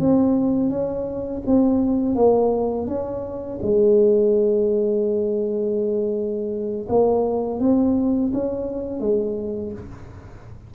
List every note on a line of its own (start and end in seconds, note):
0.00 0.70 C4
0.70 1.42 C#4
1.47 2.16 C4
2.16 2.87 A#3
2.87 3.59 C#4
3.62 6.87 G#3
6.89 7.60 A#3
7.60 8.32 C4
8.33 9.00 C#4
9.00 9.73 G#3